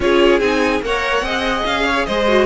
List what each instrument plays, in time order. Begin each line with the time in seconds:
0.00 cello C#4, viola F4, violin G#4 C#5
0.39 cello C4, viola D#4, violin G#5
0.81 cello A#3, viola A#4, violin C#5 F#5
1.22 cello C4, viola G#4, violin D#5
1.65 cello C#4, violin F5
1.85 violin C#5
2.06 cello G#3, violin C5 D#5
2.28 viola F#4